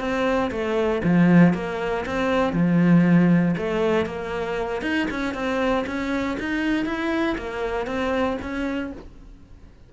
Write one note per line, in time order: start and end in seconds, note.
0.00 0.51 C4
0.51 1.02 A3
1.04 1.54 F3
1.54 2.05 A#3
2.06 2.53 C4
2.53 3.55 F3
3.58 4.06 A3
4.06 4.82 A#3
4.82 5.08 D#4
5.11 5.34 C#4
5.34 5.85 C4
5.87 6.38 C#4
6.40 6.86 D#4
6.86 7.37 E4
7.38 7.87 A#3
7.87 8.38 C4
8.42 8.93 C#4